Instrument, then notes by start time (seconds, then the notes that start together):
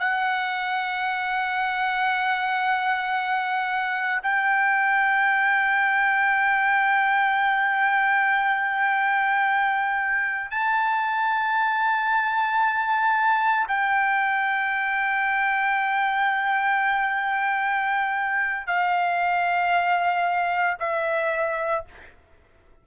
trumpet
0.00 F#5
4.23 G5
10.51 A5
13.68 G5
18.67 F5
20.80 E5